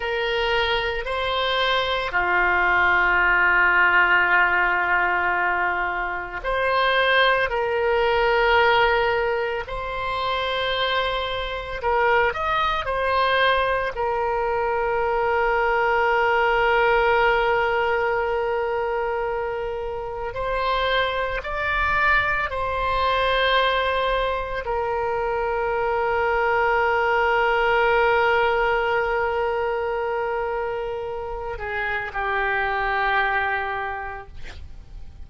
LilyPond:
\new Staff \with { instrumentName = "oboe" } { \time 4/4 \tempo 4 = 56 ais'4 c''4 f'2~ | f'2 c''4 ais'4~ | ais'4 c''2 ais'8 dis''8 | c''4 ais'2.~ |
ais'2. c''4 | d''4 c''2 ais'4~ | ais'1~ | ais'4. gis'8 g'2 | }